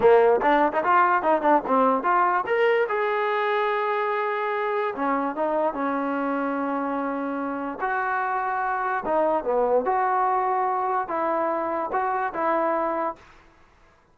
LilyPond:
\new Staff \with { instrumentName = "trombone" } { \time 4/4 \tempo 4 = 146 ais4 d'8. dis'16 f'4 dis'8 d'8 | c'4 f'4 ais'4 gis'4~ | gis'1 | cis'4 dis'4 cis'2~ |
cis'2. fis'4~ | fis'2 dis'4 b4 | fis'2. e'4~ | e'4 fis'4 e'2 | }